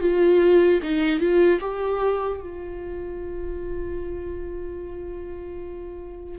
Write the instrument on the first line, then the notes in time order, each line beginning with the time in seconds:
viola
0.00 F4
0.82 D#4
1.19 F4
1.60 G4
2.40 F4